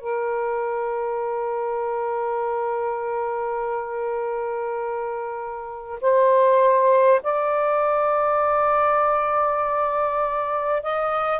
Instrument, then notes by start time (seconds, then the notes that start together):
saxophone
0.00 A#4
6.01 C5
7.23 D5
10.83 D#5